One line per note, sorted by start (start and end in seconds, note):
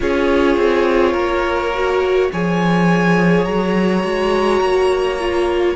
0.00 0.56 C#4
0.00 1.71 F4
0.00 1.12 G#4
0.00 2.32 C#5
0.56 1.14 C4
1.12 2.29 A#3
1.12 2.28 A#4
1.74 2.32 F#4
2.31 3.46 F3
2.31 4.03 G#4
2.31 5.75 C#5
2.31 3.44 G#5
3.44 4.03 F#3
3.44 5.75 A#5
4.03 4.61 G#3
4.03 5.18 F#4
4.61 5.75 A#3
5.19 5.75 F4